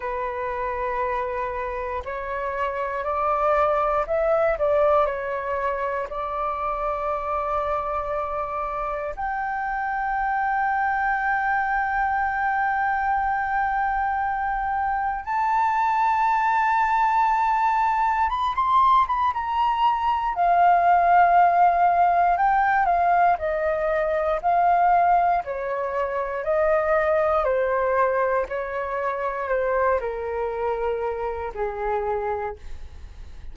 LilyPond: \new Staff \with { instrumentName = "flute" } { \time 4/4 \tempo 4 = 59 b'2 cis''4 d''4 | e''8 d''8 cis''4 d''2~ | d''4 g''2.~ | g''2. a''4~ |
a''2 b''16 c'''8 b''16 ais''4 | f''2 g''8 f''8 dis''4 | f''4 cis''4 dis''4 c''4 | cis''4 c''8 ais'4. gis'4 | }